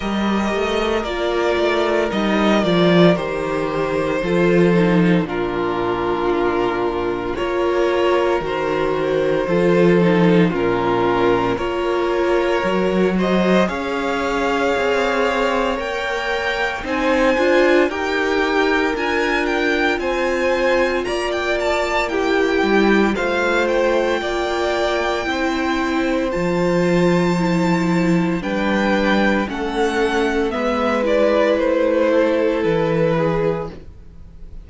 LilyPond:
<<
  \new Staff \with { instrumentName = "violin" } { \time 4/4 \tempo 4 = 57 dis''4 d''4 dis''8 d''8 c''4~ | c''4 ais'2 cis''4 | c''2 ais'4 cis''4~ | cis''8 dis''8 f''2 g''4 |
gis''4 g''4 gis''8 g''8 gis''4 | ais''16 g''16 a''8 g''4 f''8 g''4.~ | g''4 a''2 g''4 | fis''4 e''8 d''8 c''4 b'4 | }
  \new Staff \with { instrumentName = "violin" } { \time 4/4 ais'1 | a'4 f'2 ais'4~ | ais'4 a'4 f'4 ais'4~ | ais'8 c''8 cis''2. |
c''4 ais'2 c''4 | d''4 g'4 c''4 d''4 | c''2. b'4 | a'4 b'4. a'4 gis'8 | }
  \new Staff \with { instrumentName = "viola" } { \time 4/4 g'4 f'4 dis'8 f'8 g'4 | f'8 dis'8 d'2 f'4 | fis'4 f'8 dis'8 cis'4 f'4 | fis'4 gis'2 ais'4 |
dis'8 f'8 g'4 f'2~ | f'4 e'4 f'2 | e'4 f'4 e'4 d'4 | cis'4 b8 e'2~ e'8 | }
  \new Staff \with { instrumentName = "cello" } { \time 4/4 g8 a8 ais8 a8 g8 f8 dis4 | f4 ais,2 ais4 | dis4 f4 ais,4 ais4 | fis4 cis'4 c'4 ais4 |
c'8 d'8 dis'4 d'4 c'4 | ais4. g8 a4 ais4 | c'4 f2 g4 | a4 gis4 a4 e4 | }
>>